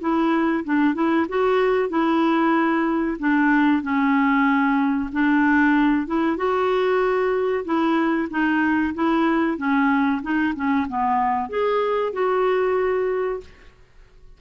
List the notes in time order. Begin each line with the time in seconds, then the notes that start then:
0.00 E4
0.64 D4
0.94 E4
1.29 F#4
1.89 E4
3.19 D4
3.82 C#4
5.12 D4
6.07 E4
6.37 F#4
7.65 E4
8.30 D#4
8.94 E4
9.57 C#4
10.22 D#4
10.55 C#4
10.88 B3
11.49 G#4
12.13 F#4